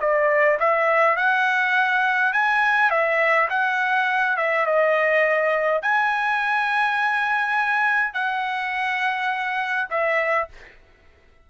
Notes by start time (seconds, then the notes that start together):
0.00 D5
0.60 E5
1.17 F#5
2.33 G#5
2.90 E5
3.50 F#5
4.37 E5
4.66 D#5
5.82 G#5
8.14 F#5
9.90 E5